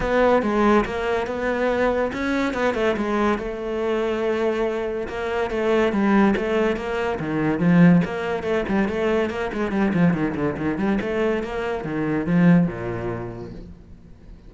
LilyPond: \new Staff \with { instrumentName = "cello" } { \time 4/4 \tempo 4 = 142 b4 gis4 ais4 b4~ | b4 cis'4 b8 a8 gis4 | a1 | ais4 a4 g4 a4 |
ais4 dis4 f4 ais4 | a8 g8 a4 ais8 gis8 g8 f8 | dis8 d8 dis8 g8 a4 ais4 | dis4 f4 ais,2 | }